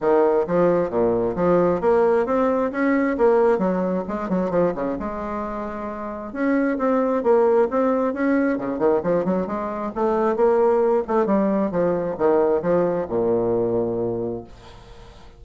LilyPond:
\new Staff \with { instrumentName = "bassoon" } { \time 4/4 \tempo 4 = 133 dis4 f4 ais,4 f4 | ais4 c'4 cis'4 ais4 | fis4 gis8 fis8 f8 cis8 gis4~ | gis2 cis'4 c'4 |
ais4 c'4 cis'4 cis8 dis8 | f8 fis8 gis4 a4 ais4~ | ais8 a8 g4 f4 dis4 | f4 ais,2. | }